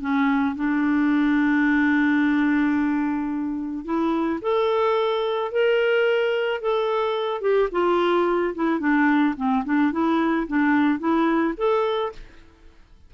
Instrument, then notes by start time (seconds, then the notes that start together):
clarinet
0.00 C#4
0.55 D4
3.84 E4
4.41 A4
5.51 A#4
6.61 A4
7.41 G4
7.71 F4
8.54 E4
8.79 D4
9.36 C4
9.65 D4
9.92 E4
10.47 D4
10.99 E4
11.57 A4